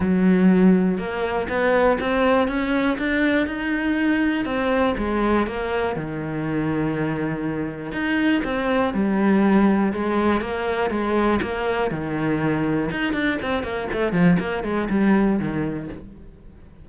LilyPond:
\new Staff \with { instrumentName = "cello" } { \time 4/4 \tempo 4 = 121 fis2 ais4 b4 | c'4 cis'4 d'4 dis'4~ | dis'4 c'4 gis4 ais4 | dis1 |
dis'4 c'4 g2 | gis4 ais4 gis4 ais4 | dis2 dis'8 d'8 c'8 ais8 | a8 f8 ais8 gis8 g4 dis4 | }